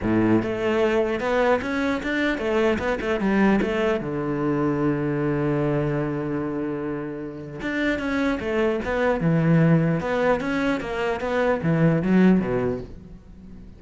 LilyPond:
\new Staff \with { instrumentName = "cello" } { \time 4/4 \tempo 4 = 150 a,4 a2 b4 | cis'4 d'4 a4 b8 a8 | g4 a4 d2~ | d1~ |
d2. d'4 | cis'4 a4 b4 e4~ | e4 b4 cis'4 ais4 | b4 e4 fis4 b,4 | }